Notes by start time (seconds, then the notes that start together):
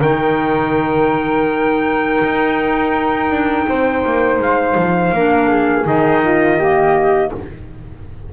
0.00 D#3 D#4 A#4 G5
2.23 D#4
3.30 D4
3.68 C4 C5
4.05 A#3
4.39 G#3 F5
4.77 F3
5.12 A#3 D4 A#4
5.49 G#4
5.84 D#3 D#4 D#5
6.24 F4
6.59 A#3 G4